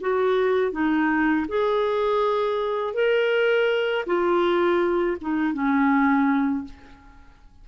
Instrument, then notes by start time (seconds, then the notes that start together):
clarinet
0.00 F#4
0.71 D#4
1.48 G#4
2.93 A#4
4.06 F4
5.21 D#4
5.53 C#4